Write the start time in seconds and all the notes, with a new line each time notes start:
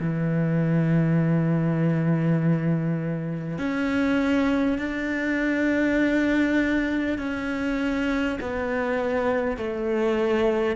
0.00 E3
3.58 C#4
4.78 D4
7.19 C#4
8.41 B3
9.58 A3